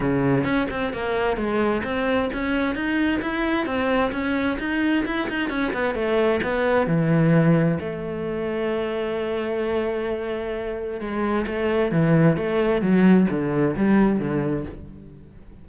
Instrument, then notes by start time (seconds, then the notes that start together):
cello
0.00 C#3
0.44 C#4
0.70 C4
0.93 A#3
1.36 G#3
1.84 C4
2.33 C#4
2.75 D#4
3.21 E4
3.65 C4
4.12 C#4
4.59 D#4
5.05 E4
5.29 D#4
5.49 C#4
5.73 B3
5.94 A3
6.43 B3
6.86 E3
7.80 A3
11.00 G#3
11.46 A3
11.91 E3
12.36 A3
12.81 F#3
13.29 D3
13.76 G3
14.19 D3